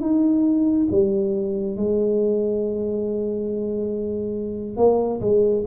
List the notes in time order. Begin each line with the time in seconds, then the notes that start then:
0.00 D#4
0.91 G3
1.76 G#3
4.76 A#3
5.21 G#3